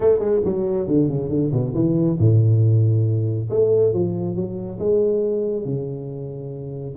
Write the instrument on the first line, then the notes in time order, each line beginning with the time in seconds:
tuba
0.00 A3
0.19 G#3
0.44 F#3
0.87 D3
1.08 C#3
1.29 D3
1.52 B2
1.74 E3
2.18 A2
3.50 A3
3.93 F3
4.35 F#3
4.79 G#3
5.65 C#3